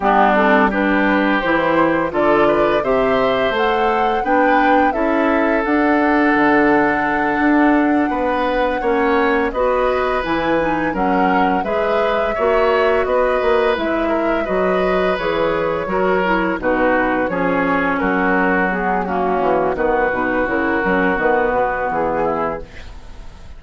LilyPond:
<<
  \new Staff \with { instrumentName = "flute" } { \time 4/4 \tempo 4 = 85 g'8 a'8 b'4 c''4 d''4 | e''4 fis''4 g''4 e''4 | fis''1~ | fis''4. dis''4 gis''4 fis''8~ |
fis''8 e''2 dis''4 e''8~ | e''8 dis''4 cis''2 b'8~ | b'8 cis''4 ais'4 gis'8 fis'4 | b'4 ais'4 b'4 gis'4 | }
  \new Staff \with { instrumentName = "oboe" } { \time 4/4 d'4 g'2 a'8 b'8 | c''2 b'4 a'4~ | a'2.~ a'8 b'8~ | b'8 cis''4 b'2 ais'8~ |
ais'8 b'4 cis''4 b'4. | ais'8 b'2 ais'4 fis'8~ | fis'8 gis'4 fis'4. cis'4 | fis'2.~ fis'8 e'8 | }
  \new Staff \with { instrumentName = "clarinet" } { \time 4/4 b8 c'8 d'4 e'4 f'4 | g'4 a'4 d'4 e'4 | d'1~ | d'8 cis'4 fis'4 e'8 dis'8 cis'8~ |
cis'8 gis'4 fis'2 e'8~ | e'8 fis'4 gis'4 fis'8 e'8 dis'8~ | dis'8 cis'2 b8 ais4 | b8 dis'8 e'8 cis'8 b2 | }
  \new Staff \with { instrumentName = "bassoon" } { \time 4/4 g2 e4 d4 | c4 a4 b4 cis'4 | d'4 d4. d'4 b8~ | b8 ais4 b4 e4 fis8~ |
fis8 gis4 ais4 b8 ais8 gis8~ | gis8 fis4 e4 fis4 b,8~ | b,8 f4 fis2 e8 | dis8 b,8 cis8 fis8 dis8 b,8 e4 | }
>>